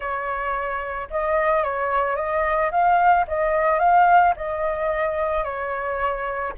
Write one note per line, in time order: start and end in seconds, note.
0.00 1.08 C#5
1.10 1.63 D#5
1.63 2.16 C#5
2.16 2.70 D#5
2.71 3.25 F5
3.27 3.79 D#5
3.79 4.34 F5
4.36 5.43 D#5
5.43 6.53 C#5